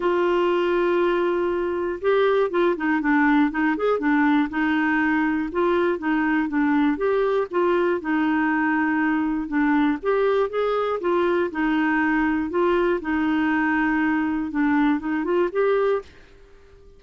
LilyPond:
\new Staff \with { instrumentName = "clarinet" } { \time 4/4 \tempo 4 = 120 f'1 | g'4 f'8 dis'8 d'4 dis'8 gis'8 | d'4 dis'2 f'4 | dis'4 d'4 g'4 f'4 |
dis'2. d'4 | g'4 gis'4 f'4 dis'4~ | dis'4 f'4 dis'2~ | dis'4 d'4 dis'8 f'8 g'4 | }